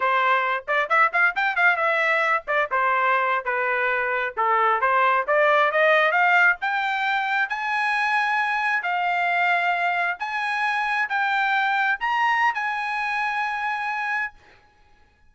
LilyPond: \new Staff \with { instrumentName = "trumpet" } { \time 4/4 \tempo 4 = 134 c''4. d''8 e''8 f''8 g''8 f''8 | e''4. d''8 c''4.~ c''16 b'16~ | b'4.~ b'16 a'4 c''4 d''16~ | d''8. dis''4 f''4 g''4~ g''16~ |
g''8. gis''2. f''16~ | f''2~ f''8. gis''4~ gis''16~ | gis''8. g''2 ais''4~ ais''16 | gis''1 | }